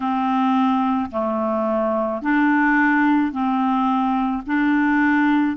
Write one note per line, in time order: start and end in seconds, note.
0.00 1.10 C4
1.11 2.22 A3
2.22 3.31 D4
3.31 4.42 C4
4.46 5.56 D4